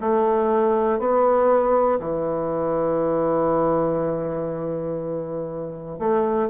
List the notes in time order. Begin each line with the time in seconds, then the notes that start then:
0.00 A3
0.99 B3
1.99 E3
5.99 A3